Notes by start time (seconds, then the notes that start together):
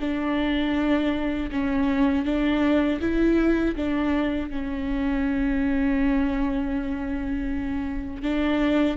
0.00 D4
1.51 C#4
2.24 D4
3.00 E4
3.75 D4
4.50 C#4
8.22 D4